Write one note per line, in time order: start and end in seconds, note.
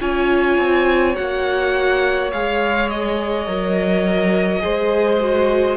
0.00 0.58 C#4
0.00 1.15 F4
0.00 4.62 C#5
0.00 1.16 G#5
0.58 1.15 C4
1.15 2.33 A#3
1.15 2.30 F#4
1.15 2.31 F#5
2.33 3.47 G#3
2.33 3.47 G#4
2.33 2.90 F5
2.90 5.77 D#5
3.47 4.62 F#3
3.47 4.60 A#4
4.60 5.77 G#3
4.60 5.18 G#4
4.60 5.77 C5
5.20 5.77 F#4